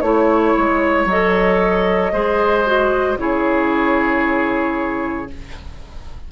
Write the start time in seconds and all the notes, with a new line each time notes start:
0.00 A3 E4 C#5
0.57 G#3
1.05 F#3 A4 D#5
2.12 G#3 G#4 C5
2.65 F#4
3.17 C#3 E4 G#4 C#5